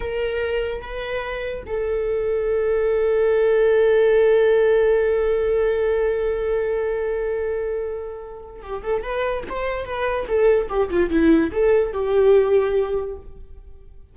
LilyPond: \new Staff \with { instrumentName = "viola" } { \time 4/4 \tempo 4 = 146 ais'2 b'2 | a'1~ | a'1~ | a'1~ |
a'1~ | a'4 g'8 a'8 b'4 c''4 | b'4 a'4 g'8 f'8 e'4 | a'4 g'2. | }